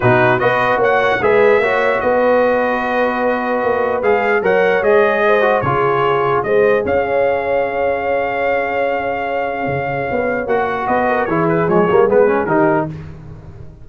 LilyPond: <<
  \new Staff \with { instrumentName = "trumpet" } { \time 4/4 \tempo 4 = 149 b'4 dis''4 fis''4 e''4~ | e''4 dis''2.~ | dis''2 f''4 fis''4 | dis''2 cis''2 |
dis''4 f''2.~ | f''1~ | f''2 fis''4 dis''4 | cis''8 b'8 cis''4 b'4 ais'4 | }
  \new Staff \with { instrumentName = "horn" } { \time 4/4 fis'4 b'4 cis''4 b'4 | cis''4 b'2.~ | b'2. cis''4~ | cis''4 c''4 gis'2 |
c''4 cis''2.~ | cis''1~ | cis''2. b'8 ais'8 | gis'2. g'4 | }
  \new Staff \with { instrumentName = "trombone" } { \time 4/4 dis'4 fis'2 gis'4 | fis'1~ | fis'2 gis'4 ais'4 | gis'4. fis'8 f'2 |
gis'1~ | gis'1~ | gis'2 fis'2 | e'4 gis8 ais8 b8 cis'8 dis'4 | }
  \new Staff \with { instrumentName = "tuba" } { \time 4/4 b,4 b4 ais4 gis4 | ais4 b2.~ | b4 ais4 gis4 fis4 | gis2 cis2 |
gis4 cis'2.~ | cis'1 | cis4 b4 ais4 b4 | e4 f8 g8 gis4 dis4 | }
>>